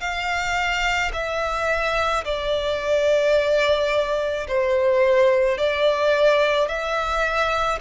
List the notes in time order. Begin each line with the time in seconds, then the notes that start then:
0.00 F5
1.13 E5
2.25 D5
4.47 C5
5.58 D5
6.68 E5